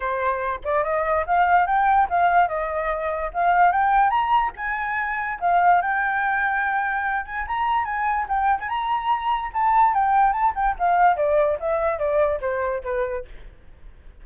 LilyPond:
\new Staff \with { instrumentName = "flute" } { \time 4/4 \tempo 4 = 145 c''4. d''8 dis''4 f''4 | g''4 f''4 dis''2 | f''4 g''4 ais''4 gis''4~ | gis''4 f''4 g''2~ |
g''4. gis''8 ais''4 gis''4 | g''8. gis''16 ais''2 a''4 | g''4 a''8 g''8 f''4 d''4 | e''4 d''4 c''4 b'4 | }